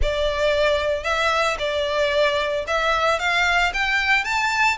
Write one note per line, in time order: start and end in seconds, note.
0.01 1.03 D5
1.03 1.56 E5
1.59 2.65 D5
2.67 3.19 E5
3.19 3.72 F5
3.73 4.24 G5
4.24 4.77 A5